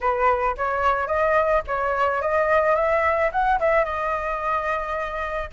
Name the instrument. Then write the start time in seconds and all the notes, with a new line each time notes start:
flute
0.00 B4
0.57 C#5
1.07 D#5
1.67 C#5
2.21 D#5
2.75 E5
3.32 F#5
3.59 E5
3.84 D#5